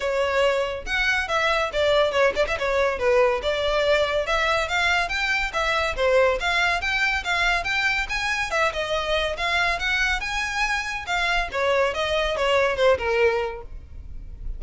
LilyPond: \new Staff \with { instrumentName = "violin" } { \time 4/4 \tempo 4 = 141 cis''2 fis''4 e''4 | d''4 cis''8 d''16 e''16 cis''4 b'4 | d''2 e''4 f''4 | g''4 e''4 c''4 f''4 |
g''4 f''4 g''4 gis''4 | e''8 dis''4. f''4 fis''4 | gis''2 f''4 cis''4 | dis''4 cis''4 c''8 ais'4. | }